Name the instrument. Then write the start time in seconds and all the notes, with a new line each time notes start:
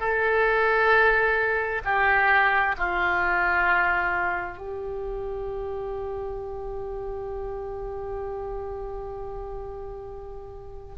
oboe
0.00 A4
1.85 G4
2.78 F4
4.58 G4